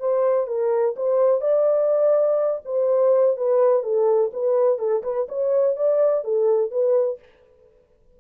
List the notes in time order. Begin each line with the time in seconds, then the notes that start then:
0.00 C5
0.47 A#4
0.96 C5
1.41 D5
2.65 C5
3.37 B4
3.83 A4
4.33 B4
4.79 A4
5.03 B4
5.29 C#5
5.76 D5
6.24 A4
6.71 B4